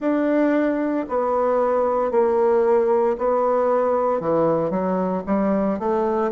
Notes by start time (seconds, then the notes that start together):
0.00 D4
1.08 B3
2.11 A#3
3.18 B3
4.20 E3
4.70 F#3
5.26 G3
5.79 A3